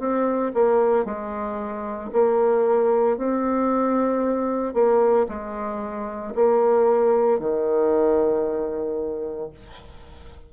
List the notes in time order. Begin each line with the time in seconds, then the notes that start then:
0.00 C4
0.55 A#3
1.05 G#3
2.13 A#3
3.18 C4
4.74 A#3
5.29 G#3
6.35 A#3
7.40 D#3